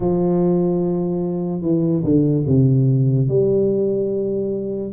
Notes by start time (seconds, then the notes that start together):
0.00 F3
1.61 E3
2.03 D3
2.47 C3
3.28 G3